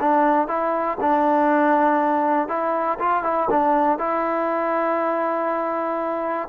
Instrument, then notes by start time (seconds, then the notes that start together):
trombone
0.00 D4
0.47 E4
1.00 D4
2.48 E4
2.99 F4
3.23 E4
3.50 D4
3.98 E4